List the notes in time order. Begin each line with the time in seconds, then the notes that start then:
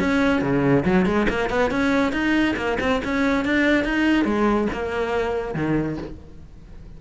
0.00 C#4
0.42 C#3
0.86 F#3
1.06 G#3
1.29 A#3
1.50 B3
1.71 C#4
2.13 D#4
2.57 A#3
2.80 C4
3.05 C#4
3.45 D4
3.85 D#4
4.25 G#3
4.73 A#3
5.55 D#3